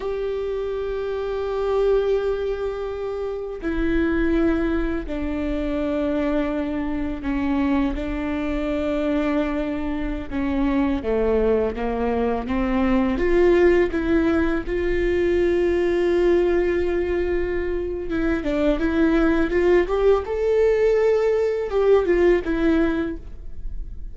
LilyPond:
\new Staff \with { instrumentName = "viola" } { \time 4/4 \tempo 4 = 83 g'1~ | g'4 e'2 d'4~ | d'2 cis'4 d'4~ | d'2~ d'16 cis'4 a8.~ |
a16 ais4 c'4 f'4 e'8.~ | e'16 f'2.~ f'8.~ | f'4 e'8 d'8 e'4 f'8 g'8 | a'2 g'8 f'8 e'4 | }